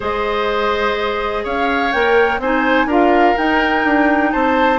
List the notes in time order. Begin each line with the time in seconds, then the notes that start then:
0.00 G#3 G#4 C5 D#5
1.44 C#4 C#5 F5
1.91 A#3 A#4 G5
2.38 C4 D#4 C5 G#5
2.86 D4 F4 A#4 F5
3.36 D#4 G5
3.84 D4
4.32 C4 C5 A5